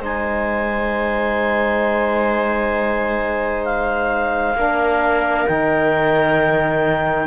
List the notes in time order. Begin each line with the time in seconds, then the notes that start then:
0.00 G#3 D#4 C5 G#5
3.65 F5
4.54 A#3 D4 A#4
5.46 D#3 D#4 G5